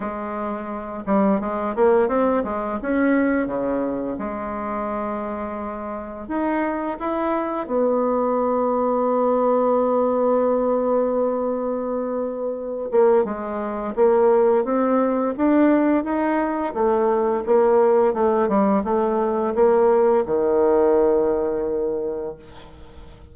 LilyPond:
\new Staff \with { instrumentName = "bassoon" } { \time 4/4 \tempo 4 = 86 gis4. g8 gis8 ais8 c'8 gis8 | cis'4 cis4 gis2~ | gis4 dis'4 e'4 b4~ | b1~ |
b2~ b8 ais8 gis4 | ais4 c'4 d'4 dis'4 | a4 ais4 a8 g8 a4 | ais4 dis2. | }